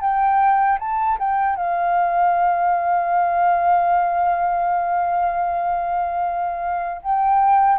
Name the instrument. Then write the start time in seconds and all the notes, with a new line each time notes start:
flute
0.00 G5
0.79 A5
1.18 G5
1.55 F5
7.02 G5